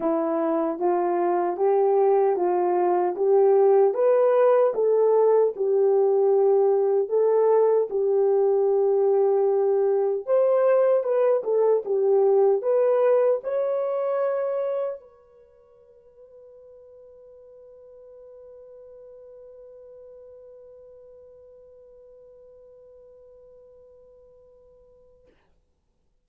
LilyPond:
\new Staff \with { instrumentName = "horn" } { \time 4/4 \tempo 4 = 76 e'4 f'4 g'4 f'4 | g'4 b'4 a'4 g'4~ | g'4 a'4 g'2~ | g'4 c''4 b'8 a'8 g'4 |
b'4 cis''2 b'4~ | b'1~ | b'1~ | b'1 | }